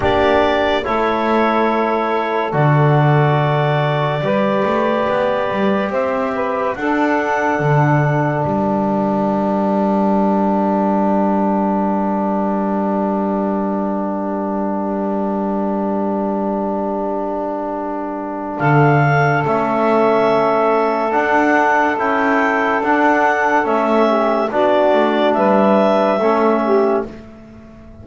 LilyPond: <<
  \new Staff \with { instrumentName = "clarinet" } { \time 4/4 \tempo 4 = 71 d''4 cis''2 d''4~ | d''2. e''4 | fis''2 g''2~ | g''1~ |
g''1~ | g''2 f''4 e''4~ | e''4 fis''4 g''4 fis''4 | e''4 d''4 e''2 | }
  \new Staff \with { instrumentName = "saxophone" } { \time 4/4 g'4 a'2.~ | a'4 b'2 c''8 b'8 | a'2 ais'2~ | ais'1~ |
ais'1~ | ais'2 a'2~ | a'1~ | a'8 g'8 fis'4 b'4 a'8 g'8 | }
  \new Staff \with { instrumentName = "trombone" } { \time 4/4 d'4 e'2 fis'4~ | fis'4 g'2. | d'1~ | d'1~ |
d'1~ | d'2. cis'4~ | cis'4 d'4 e'4 d'4 | cis'4 d'2 cis'4 | }
  \new Staff \with { instrumentName = "double bass" } { \time 4/4 ais4 a2 d4~ | d4 g8 a8 b8 g8 c'4 | d'4 d4 g2~ | g1~ |
g1~ | g2 d4 a4~ | a4 d'4 cis'4 d'4 | a4 b8 a8 g4 a4 | }
>>